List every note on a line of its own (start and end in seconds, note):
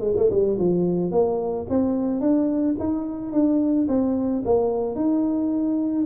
0.00 0.14 G#3
0.16 0.30 A3
0.30 0.58 G3
0.58 1.11 F3
1.11 1.66 A#3
1.69 2.20 C4
2.20 2.75 D4
2.79 3.32 D#4
3.32 3.87 D4
3.88 4.43 C4
4.45 4.95 A#3
4.95 6.06 D#4